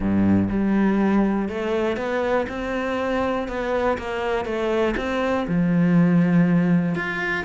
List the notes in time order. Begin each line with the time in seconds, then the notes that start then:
0.00 G2
0.49 G3
1.49 A3
1.96 B3
2.48 C4
3.48 B3
3.97 A#3
4.45 A3
4.97 C4
5.47 F3
6.95 F4